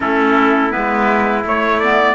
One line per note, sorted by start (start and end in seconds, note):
0.00 0.73 A3
0.00 0.70 C#4
0.00 2.15 E4
0.00 0.71 A4
0.70 1.42 B3
0.70 1.43 B4
0.76 1.44 G#3
1.44 2.15 A3
1.44 1.81 A3
1.44 1.79 C#5
1.79 2.15 B3
1.79 2.15 D5